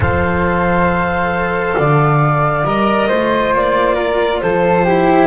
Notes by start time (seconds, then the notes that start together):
0.00 F3 A4 C5 F5
1.77 D3 D5
2.64 G3 A#4 D#5
3.08 A3 F4 C5
3.53 A#3 D5
3.94 A#4
4.41 F3 A4 C5
4.84 E4 G4